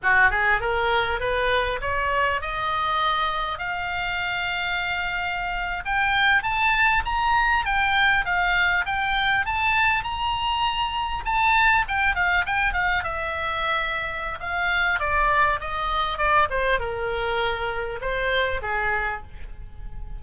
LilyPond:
\new Staff \with { instrumentName = "oboe" } { \time 4/4 \tempo 4 = 100 fis'8 gis'8 ais'4 b'4 cis''4 | dis''2 f''2~ | f''4.~ f''16 g''4 a''4 ais''16~ | ais''8. g''4 f''4 g''4 a''16~ |
a''8. ais''2 a''4 g''16~ | g''16 f''8 g''8 f''8 e''2~ e''16 | f''4 d''4 dis''4 d''8 c''8 | ais'2 c''4 gis'4 | }